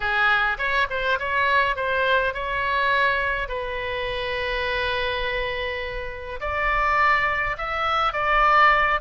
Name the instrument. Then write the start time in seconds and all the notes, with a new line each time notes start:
oboe
0.00 G#4
0.57 C#5
0.89 C5
1.19 C#5
1.76 C5
2.34 C#5
3.48 B4
6.40 D5
7.57 E5
8.13 D5